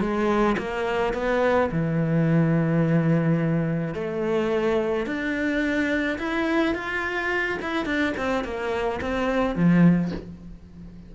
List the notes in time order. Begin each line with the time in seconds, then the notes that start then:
0.00 G#3
0.58 A#3
1.13 B3
1.71 E3
3.94 A3
5.06 D4
6.18 E4
6.74 F4
7.62 E4
7.85 D4
8.17 C4
8.44 A#3
9.01 C4
9.55 F3